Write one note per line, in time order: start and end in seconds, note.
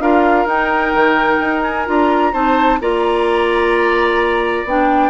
0.00 0.46 D4
0.00 0.47 F4
0.00 2.33 A#4
0.00 0.48 F5
0.46 0.92 D#4
0.46 1.86 D#4
0.46 1.63 G5
0.95 1.40 D#3
1.40 1.87 D#4
1.63 1.87 G#5
1.86 2.34 D4
1.86 2.33 F4
1.86 2.34 A#5
2.33 2.81 C4
2.33 2.80 D#4
2.33 2.80 C5
2.33 2.80 A5
2.81 4.65 A#3
2.81 4.67 F4
2.81 5.10 D5
2.81 4.68 A#5
4.65 5.10 B3
4.65 5.10 D4
4.65 5.10 G5